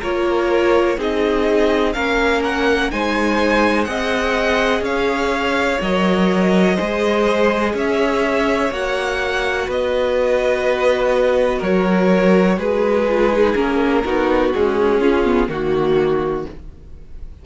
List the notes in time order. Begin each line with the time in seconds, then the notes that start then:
0.00 A#3 F4 A#4 C#5
0.98 C4 D#4 G#4 D#5
1.93 A#3 C#4 A#4 F5
2.44 F#5
2.91 G#3 D#4 C5 G#5
3.84 C4 G#4 D#5 F#5
4.81 C#4 C#5 F5
5.81 F#3 A#4 D#5
6.75 G#3 G#4 C5
7.74 C#4 C#5 E5
8.71 A#3 F#4 F#5
9.67 B3 B4 D#5
11.59 F#3 A#4 C#5
12.58 G#3 G#4 B4
13.08 F4
13.33 D#4
13.55 A#3 C#4 A#4
14.05 B3 D#4 F#4
14.54 G#3 C#4 G#4
15.00 C#4 F4
15.25 B3
15.49 D#3 A#3 F#4